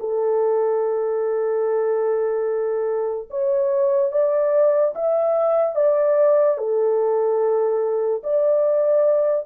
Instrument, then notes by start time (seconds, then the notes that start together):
horn
0.00 A4
3.31 C#5
4.12 D5
4.95 E5
5.76 D5
6.58 A4
8.24 D5